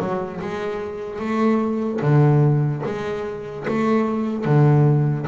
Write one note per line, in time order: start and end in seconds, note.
0.00 0.41 F#3
0.41 1.19 G#3
1.19 2.00 A3
2.02 2.83 D3
2.86 3.67 G#3
3.68 4.45 A3
4.45 5.26 D3